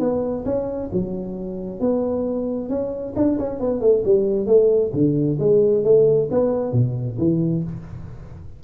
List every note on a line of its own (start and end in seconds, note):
0.00 0.45 B3
0.46 0.90 C#4
0.93 1.80 F#3
1.80 2.69 B3
2.69 3.14 C#4
3.16 3.39 D4
3.39 3.60 C#4
3.60 3.81 B3
3.81 4.04 A3
4.05 4.47 G3
4.47 4.91 A3
4.94 5.38 D3
5.40 5.84 G#3
5.84 6.29 A3
6.31 6.73 B3
6.73 7.17 B2
7.19 7.63 E3